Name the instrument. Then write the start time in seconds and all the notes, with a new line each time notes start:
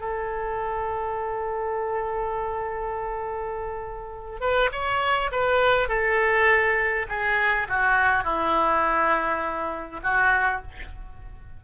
oboe
0.00 A4
4.40 B4
4.72 C#5
5.32 B4
5.89 A4
7.09 G#4
7.68 F#4
8.24 E4
10.03 F#4